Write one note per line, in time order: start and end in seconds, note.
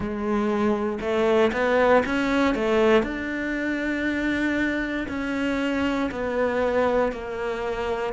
0.00 0.99 G#3
1.00 1.51 A3
1.53 2.03 B3
2.05 2.54 C#4
2.54 3.02 A3
3.02 5.06 D4
5.08 6.10 C#4
6.11 7.12 B3
7.12 8.13 A#3